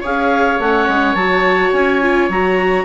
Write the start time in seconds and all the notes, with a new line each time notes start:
0.00 C#4 G#4 C#5 F5
0.59 A3 C#4 F#5
0.87 G#3
1.14 F#3 F#4 A5
1.71 C#4 G#5
2.02 F4
2.29 F#3 F#4 A#5